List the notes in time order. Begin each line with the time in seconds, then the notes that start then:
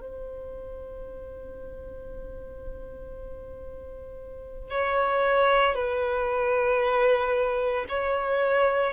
0.00 C5
4.70 C#5
5.75 B4
7.89 C#5